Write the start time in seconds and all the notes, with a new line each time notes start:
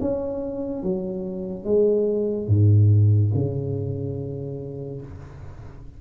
0.00 C#4
0.83 F#3
1.64 G#3
2.47 G#2
3.34 C#3